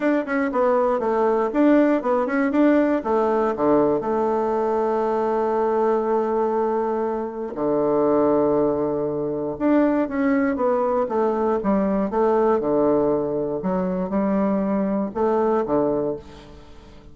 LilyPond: \new Staff \with { instrumentName = "bassoon" } { \time 4/4 \tempo 4 = 119 d'8 cis'8 b4 a4 d'4 | b8 cis'8 d'4 a4 d4 | a1~ | a2. d4~ |
d2. d'4 | cis'4 b4 a4 g4 | a4 d2 fis4 | g2 a4 d4 | }